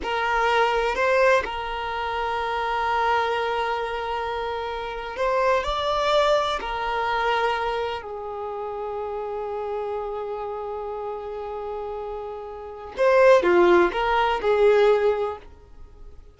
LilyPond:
\new Staff \with { instrumentName = "violin" } { \time 4/4 \tempo 4 = 125 ais'2 c''4 ais'4~ | ais'1~ | ais'2~ ais'8. c''4 d''16~ | d''4.~ d''16 ais'2~ ais'16~ |
ais'8. gis'2.~ gis'16~ | gis'1~ | gis'2. c''4 | f'4 ais'4 gis'2 | }